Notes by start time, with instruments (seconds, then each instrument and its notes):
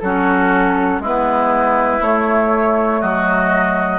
0.00 bassoon F#3, clarinet C#4, oboe F#4, flute A4
1.00 bassoon G#3, clarinet B3, oboe E4, flute B4
2.01 clarinet A3, bassoon A3, flute C#5
3.01 bassoon F#3, oboe F#4, flute D#5